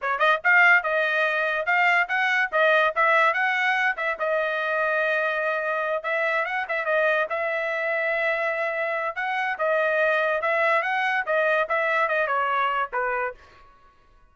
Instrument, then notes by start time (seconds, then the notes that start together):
trumpet
0.01 C#5
0.19 D#5
0.44 F5
0.83 D#5
1.66 F5
2.08 F#5
2.52 D#5
2.95 E5
3.33 F#5
3.96 E5
4.19 D#5
6.03 E5
6.45 F#5
6.68 E5
6.85 D#5
7.29 E5
9.15 F#5
9.58 D#5
10.41 E5
10.82 F#5
11.25 D#5
11.68 E5
12.08 D#5
12.27 C#5
12.92 B4